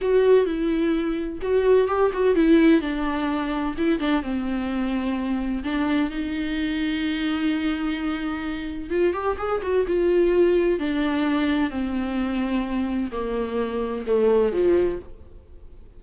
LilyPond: \new Staff \with { instrumentName = "viola" } { \time 4/4 \tempo 4 = 128 fis'4 e'2 fis'4 | g'8 fis'8 e'4 d'2 | e'8 d'8 c'2. | d'4 dis'2.~ |
dis'2. f'8 g'8 | gis'8 fis'8 f'2 d'4~ | d'4 c'2. | ais2 a4 f4 | }